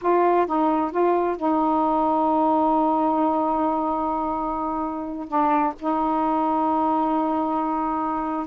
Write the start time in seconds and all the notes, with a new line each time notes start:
0.01 F4
0.46 D#4
0.91 F4
1.36 D#4
5.28 D4
5.79 D#4